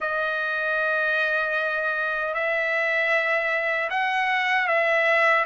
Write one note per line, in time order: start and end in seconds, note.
0.00 2.33 D#5
2.33 3.89 E5
3.90 4.67 F#5
4.67 5.45 E5